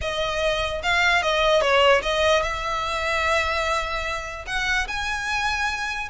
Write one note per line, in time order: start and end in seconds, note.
0.01 0.82 D#5
0.83 1.22 F5
1.22 1.61 D#5
1.61 2.01 C#5
2.02 2.42 D#5
2.42 4.45 E5
4.46 4.87 F#5
4.87 6.09 G#5